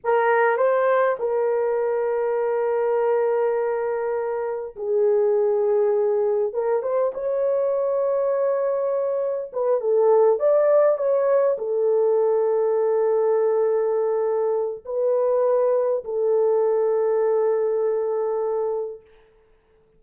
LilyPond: \new Staff \with { instrumentName = "horn" } { \time 4/4 \tempo 4 = 101 ais'4 c''4 ais'2~ | ais'1 | gis'2. ais'8 c''8 | cis''1 |
b'8 a'4 d''4 cis''4 a'8~ | a'1~ | a'4 b'2 a'4~ | a'1 | }